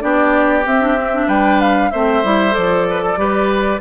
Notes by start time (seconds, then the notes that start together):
0.00 B3 D4 G4 D5
0.66 C4 E5
0.81 D4
0.95 C4
1.13 D4
1.27 G3 B4 G5
1.60 F5
1.91 A3 C4 C5 E5
2.24 G3 E4
2.51 F3 A4 D5
2.90 B4
3.02 A4
3.16 G3 G4 B4